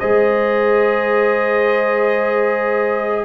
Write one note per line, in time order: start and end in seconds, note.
0.00 3.25 G#3
0.00 3.25 G#4
0.00 3.25 C5
0.00 3.25 D#5